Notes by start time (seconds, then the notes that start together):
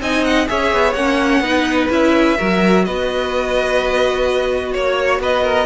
0.00 C4 D#4 D#5 G#5
0.24 F#5
0.47 C#4 G#4 C#5 E5
0.73 B3
0.93 A#3 C#4 F#5
1.40 B3 D#4 B4
1.90 C#4 E4 E5
2.37 F#3 F#4 A#4
2.85 B3 B4 D#5
4.72 A#3 C#5
5.19 B3 B4 D#5
5.43 A#4